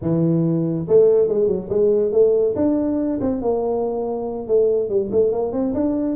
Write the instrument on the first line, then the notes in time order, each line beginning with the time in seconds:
tuba
0.01 E3
0.88 A3
1.28 G#3
1.47 F#3
1.69 G#3
2.12 A3
2.55 D4
3.20 C4
3.41 A#3
4.47 A3
4.89 G3
5.11 A3
5.32 A#3
5.52 C4
5.73 D4